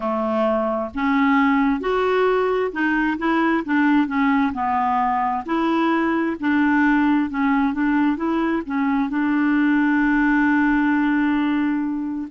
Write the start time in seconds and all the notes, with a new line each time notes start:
0.00 A3
0.94 C#4
1.80 F#4
2.71 D#4
3.18 E4
3.64 D4
4.07 C#4
4.52 B3
5.45 E4
6.40 D4
7.30 C#4
7.73 D4
8.17 E4
8.66 C#4
9.09 D4